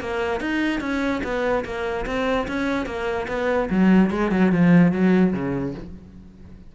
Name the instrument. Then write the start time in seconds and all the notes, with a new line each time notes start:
cello
0.00 A#3
0.40 D#4
0.80 C#4
1.23 B3
1.65 A#3
2.06 C4
2.48 C#4
2.86 A#3
3.28 B3
3.70 F#3
4.11 G#3
4.31 F#3
4.52 F3
4.92 F#3
5.33 C#3